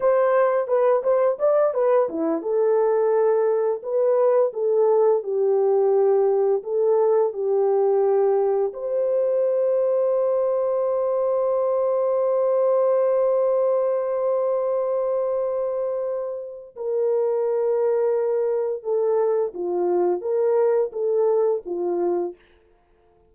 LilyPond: \new Staff \with { instrumentName = "horn" } { \time 4/4 \tempo 4 = 86 c''4 b'8 c''8 d''8 b'8 e'8 a'8~ | a'4. b'4 a'4 g'8~ | g'4. a'4 g'4.~ | g'8 c''2.~ c''8~ |
c''1~ | c''1 | ais'2. a'4 | f'4 ais'4 a'4 f'4 | }